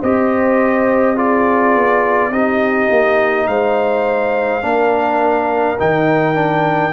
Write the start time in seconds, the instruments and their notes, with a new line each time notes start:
0.00 tuba C4, trombone G4, horn C5, trumpet D#5
1.14 trombone F4, horn G#4, trumpet D5
1.75 tuba B3
2.31 tuba C4, trombone D#4, horn G4, trumpet D#5
2.90 tuba A#3
3.47 tuba G#3, horn C5, trumpet F5
4.62 tuba A#3, trombone D4, horn A#4
5.79 tuba D#3, trombone D#4, trumpet G5
6.34 trombone D4